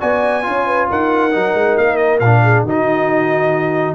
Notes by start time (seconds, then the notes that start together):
0.00 B3 F#4 D5 G#5
0.43 C#4 F4 C#5
0.67 B4
0.90 D#4 A#4 F#5
1.31 F#3 D#4
1.55 G#3
1.78 A#3 F5
1.97 D#5
2.20 A#2 D4 F5
2.43 G#4
2.64 D#3 D#4 F#4 D#5